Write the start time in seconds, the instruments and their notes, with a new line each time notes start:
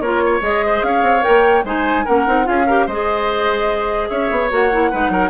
0.00 bassoon A#3, clarinet F4, oboe A#4, flute C#5
0.26 oboe C#5
0.41 bassoon G#3, clarinet G#4, flute D#5
0.66 oboe C5
0.83 bassoon C#4, oboe C#5, flute F5
1.02 bassoon C4
1.21 clarinet A#4, flute G5
1.28 bassoon A#3
1.64 bassoon G#3, clarinet D#4, oboe C5, flute G#5
2.05 bassoon A#3, clarinet C#4, oboe A#4, flute F#5
2.26 bassoon C4, clarinet D#4
2.44 bassoon C#4, clarinet F4, oboe G#4, flute F5
2.67 clarinet G4, oboe A#4
2.86 bassoon G#3, clarinet G#4, oboe C5, flute D#5
4.09 bassoon C#4, oboe C#5, flute E5
4.31 bassoon B3
4.50 bassoon A#3, clarinet F#4, flute F#5
4.72 clarinet E4
4.91 bassoon G#3, clarinet D#4, oboe B4
5.09 bassoon F#3, oboe A#4